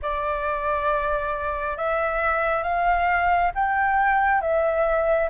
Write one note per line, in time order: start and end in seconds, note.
0.02 1.77 D5
1.77 2.63 E5
2.63 3.51 F5
3.54 4.41 G5
4.41 5.29 E5